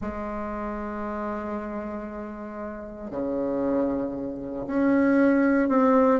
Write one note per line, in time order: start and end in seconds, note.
0.00 3.10 G#3
3.10 4.66 C#3
4.66 5.68 C#4
5.68 6.20 C4